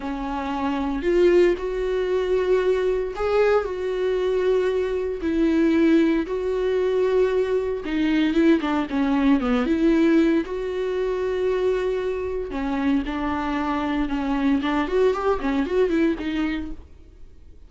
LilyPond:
\new Staff \with { instrumentName = "viola" } { \time 4/4 \tempo 4 = 115 cis'2 f'4 fis'4~ | fis'2 gis'4 fis'4~ | fis'2 e'2 | fis'2. dis'4 |
e'8 d'8 cis'4 b8 e'4. | fis'1 | cis'4 d'2 cis'4 | d'8 fis'8 g'8 cis'8 fis'8 e'8 dis'4 | }